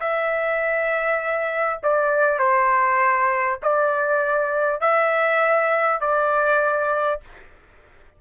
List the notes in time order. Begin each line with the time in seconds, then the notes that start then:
0.00 E5
1.83 D5
2.39 C5
3.62 D5
4.80 E5
6.00 D5